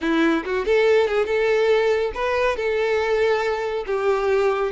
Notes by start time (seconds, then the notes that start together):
0.01 E4
0.45 F#4
0.65 A4
1.07 G#4
1.26 A4
2.14 B4
2.56 A4
3.86 G4